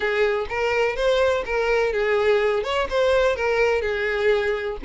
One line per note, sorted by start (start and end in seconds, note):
0.00 0.46 G#4
0.49 0.96 A#4
0.96 1.44 C5
1.45 1.92 A#4
1.92 2.63 G#4
2.63 2.87 C#5
2.89 3.36 C5
3.36 3.81 A#4
3.81 4.77 G#4